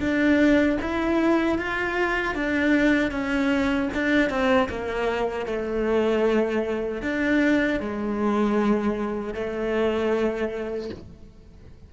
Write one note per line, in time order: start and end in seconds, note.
0.00 0.78 D4
0.81 1.58 E4
1.58 2.34 F4
2.34 3.11 D4
3.11 3.89 C#4
3.94 4.29 D4
4.29 4.68 C4
4.69 5.46 A#3
5.46 7.02 A3
7.02 7.80 D4
7.80 9.34 G#3
9.34 10.89 A3